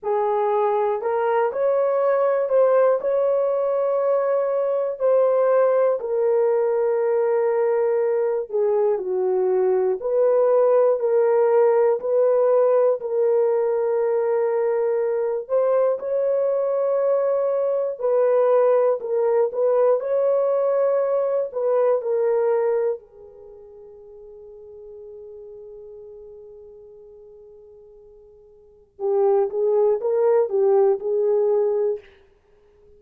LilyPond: \new Staff \with { instrumentName = "horn" } { \time 4/4 \tempo 4 = 60 gis'4 ais'8 cis''4 c''8 cis''4~ | cis''4 c''4 ais'2~ | ais'8 gis'8 fis'4 b'4 ais'4 | b'4 ais'2~ ais'8 c''8 |
cis''2 b'4 ais'8 b'8 | cis''4. b'8 ais'4 gis'4~ | gis'1~ | gis'4 g'8 gis'8 ais'8 g'8 gis'4 | }